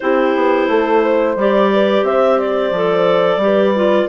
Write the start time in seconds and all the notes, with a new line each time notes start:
0.00 C4 E4 G4 C5
0.35 B3
0.67 A3 A4
1.02 C5
1.36 G3 G4 D5
1.73 B4
2.02 C4 C5 E5
2.39 D5
2.71 F3 A4
3.36 G3 G4
3.44 B4
3.75 F4